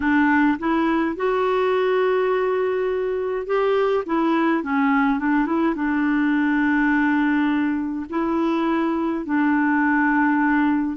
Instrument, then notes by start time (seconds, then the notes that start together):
clarinet
0.00 D4
0.58 E4
1.15 F#4
3.46 G4
4.06 E4
4.63 C#4
5.19 D4
5.45 E4
5.75 D4
8.09 E4
9.25 D4